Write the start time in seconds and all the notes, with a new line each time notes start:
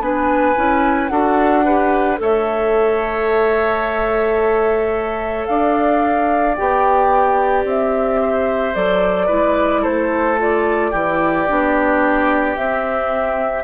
0.00 B3 D4 B4 G#5
0.55 C#4 E4
1.08 D4 F#4 A4 F#5
1.65 G4 B4
2.17 A3 A4 C#5 E5
5.46 D4 D5 F5
6.55 B3 G4 G5
7.65 C4 E5
8.21 C5
8.74 F#3 A4 D5
9.26 G#3 E4 B4
9.81 A3 A4 C5
10.37 F4 D5
10.91 E3 E4 G4
11.47 B3 D4
12.56 C4 E5